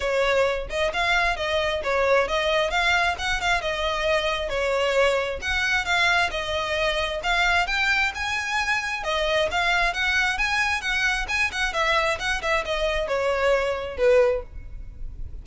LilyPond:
\new Staff \with { instrumentName = "violin" } { \time 4/4 \tempo 4 = 133 cis''4. dis''8 f''4 dis''4 | cis''4 dis''4 f''4 fis''8 f''8 | dis''2 cis''2 | fis''4 f''4 dis''2 |
f''4 g''4 gis''2 | dis''4 f''4 fis''4 gis''4 | fis''4 gis''8 fis''8 e''4 fis''8 e''8 | dis''4 cis''2 b'4 | }